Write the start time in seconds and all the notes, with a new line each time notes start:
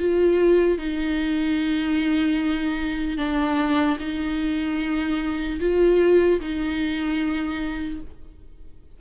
0.00 F4
0.79 D#4
3.18 D4
4.00 D#4
5.60 F4
6.41 D#4